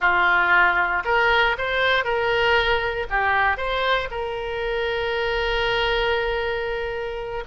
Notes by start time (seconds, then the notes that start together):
0.00 F4
1.05 A#4
1.58 C5
2.04 A#4
3.10 G4
3.57 C5
4.10 A#4